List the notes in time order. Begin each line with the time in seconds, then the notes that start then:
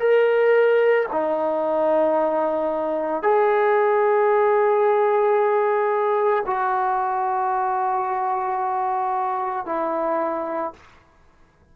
0.00 A#4
1.13 D#4
3.23 G#4
6.47 F#4
9.66 E4